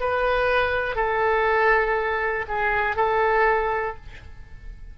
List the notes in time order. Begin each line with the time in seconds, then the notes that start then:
0.00 B4
0.96 A4
2.49 G#4
2.96 A4